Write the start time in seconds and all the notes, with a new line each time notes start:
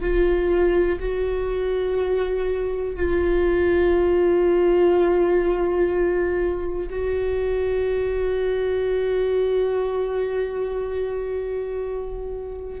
0.00 F4
0.99 F#4
2.95 F4
6.90 F#4